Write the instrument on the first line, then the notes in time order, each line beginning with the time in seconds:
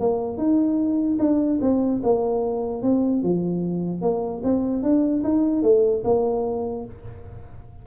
tuba
0.00 A#3
0.37 D#4
1.19 D4
1.61 C4
2.03 A#3
2.82 C4
3.22 F3
4.01 A#3
4.43 C4
4.82 D4
5.23 D#4
5.62 A3
6.04 A#3